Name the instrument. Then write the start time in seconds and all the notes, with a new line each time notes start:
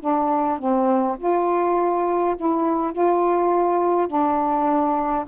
saxophone
0.00 D4
0.59 C4
1.18 F4
2.37 E4
2.93 F4
4.07 D4